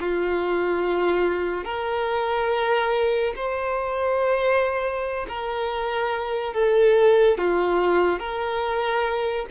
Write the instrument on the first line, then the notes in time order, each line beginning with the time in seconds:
violin
0.00 F4
1.64 A#4
3.36 C5
5.29 A#4
6.54 A4
7.38 F4
8.19 A#4